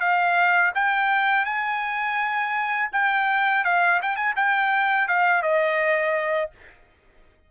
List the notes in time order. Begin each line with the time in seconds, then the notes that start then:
0.00 F5
0.75 G5
1.45 G#5
2.93 G5
3.64 F5
4.03 G5
4.16 G#5
4.36 G5
5.08 F5
5.43 D#5